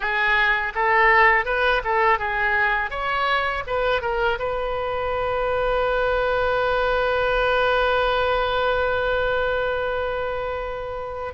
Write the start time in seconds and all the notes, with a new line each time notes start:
0.00 G#4
0.75 A4
1.45 B4
1.84 A4
2.19 G#4
2.90 C#5
3.67 B4
4.01 A#4
4.39 B4